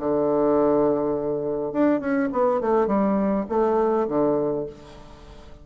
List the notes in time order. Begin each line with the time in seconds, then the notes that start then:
0.00 D3
1.73 D4
2.00 C#4
2.32 B3
2.61 A3
2.88 G3
3.50 A3
4.08 D3